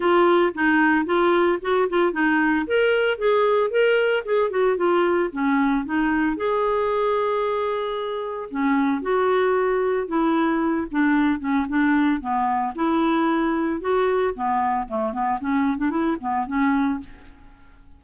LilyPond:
\new Staff \with { instrumentName = "clarinet" } { \time 4/4 \tempo 4 = 113 f'4 dis'4 f'4 fis'8 f'8 | dis'4 ais'4 gis'4 ais'4 | gis'8 fis'8 f'4 cis'4 dis'4 | gis'1 |
cis'4 fis'2 e'4~ | e'8 d'4 cis'8 d'4 b4 | e'2 fis'4 b4 | a8 b8 cis'8. d'16 e'8 b8 cis'4 | }